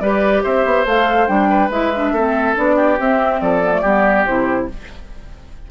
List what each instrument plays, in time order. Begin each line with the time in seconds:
0.00 bassoon G3, clarinet G4, oboe B4, flute D5
0.43 bassoon C4, oboe C5, flute E5
0.65 bassoon B3
0.85 bassoon A3, clarinet A4, flute F5
1.27 bassoon G3, clarinet D4, flute G5
1.49 oboe B4
1.69 bassoon G#3, clarinet E4, flute E5
1.96 clarinet D4
2.12 bassoon A3, clarinet C4, oboe A4
2.55 bassoon B3, clarinet D4, flute D5
2.76 oboe G4
2.99 bassoon C4, clarinet C4, flute E5
3.41 bassoon F3, oboe A4, flute D5
3.63 clarinet B3
3.72 clarinet A3
3.81 bassoon G3, clarinet B3, oboe G4
4.25 bassoon C3, clarinet E4, flute C5